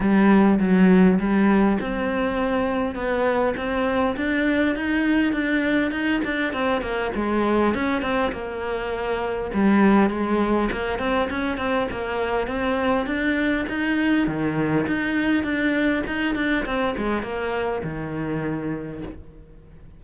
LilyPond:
\new Staff \with { instrumentName = "cello" } { \time 4/4 \tempo 4 = 101 g4 fis4 g4 c'4~ | c'4 b4 c'4 d'4 | dis'4 d'4 dis'8 d'8 c'8 ais8 | gis4 cis'8 c'8 ais2 |
g4 gis4 ais8 c'8 cis'8 c'8 | ais4 c'4 d'4 dis'4 | dis4 dis'4 d'4 dis'8 d'8 | c'8 gis8 ais4 dis2 | }